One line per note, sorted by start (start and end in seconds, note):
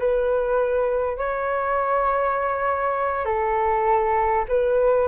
0.00 1.18 B4
1.18 3.26 C#5
3.26 4.46 A4
4.49 5.08 B4